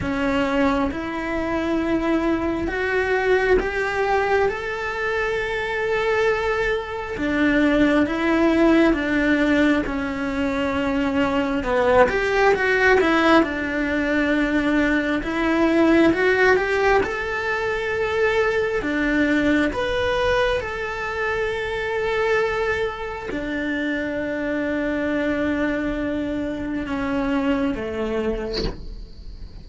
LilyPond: \new Staff \with { instrumentName = "cello" } { \time 4/4 \tempo 4 = 67 cis'4 e'2 fis'4 | g'4 a'2. | d'4 e'4 d'4 cis'4~ | cis'4 b8 g'8 fis'8 e'8 d'4~ |
d'4 e'4 fis'8 g'8 a'4~ | a'4 d'4 b'4 a'4~ | a'2 d'2~ | d'2 cis'4 a4 | }